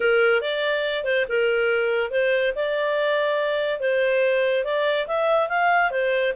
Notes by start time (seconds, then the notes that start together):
0.00 A#4
0.41 D5
1.04 C5
1.28 A#4
2.10 C5
2.55 D5
3.79 C5
4.64 D5
5.07 E5
5.48 F5
5.90 C5